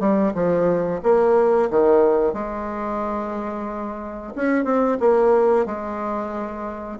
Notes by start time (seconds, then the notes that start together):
0.00 G3
0.35 F3
1.03 A#3
1.71 D#3
2.34 G#3
4.36 C#4
4.65 C4
5.00 A#3
5.66 G#3